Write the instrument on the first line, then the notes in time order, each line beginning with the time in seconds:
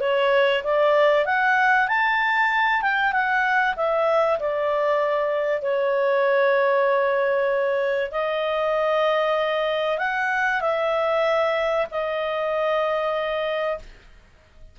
clarinet
0.00 C#5
0.63 D5
1.25 F#5
1.88 A5
2.82 G5
3.12 F#5
3.76 E5
4.39 D5
5.61 C#5
8.11 D#5
9.98 F#5
10.61 E5
11.91 D#5